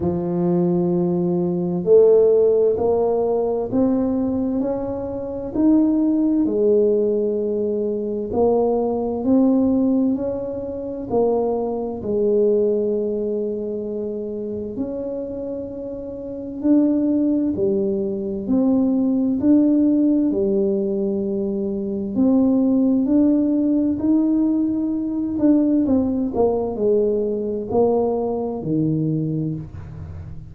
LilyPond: \new Staff \with { instrumentName = "tuba" } { \time 4/4 \tempo 4 = 65 f2 a4 ais4 | c'4 cis'4 dis'4 gis4~ | gis4 ais4 c'4 cis'4 | ais4 gis2. |
cis'2 d'4 g4 | c'4 d'4 g2 | c'4 d'4 dis'4. d'8 | c'8 ais8 gis4 ais4 dis4 | }